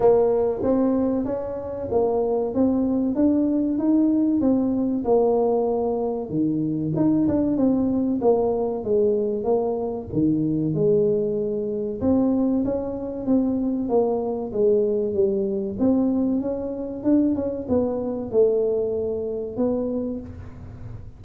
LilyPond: \new Staff \with { instrumentName = "tuba" } { \time 4/4 \tempo 4 = 95 ais4 c'4 cis'4 ais4 | c'4 d'4 dis'4 c'4 | ais2 dis4 dis'8 d'8 | c'4 ais4 gis4 ais4 |
dis4 gis2 c'4 | cis'4 c'4 ais4 gis4 | g4 c'4 cis'4 d'8 cis'8 | b4 a2 b4 | }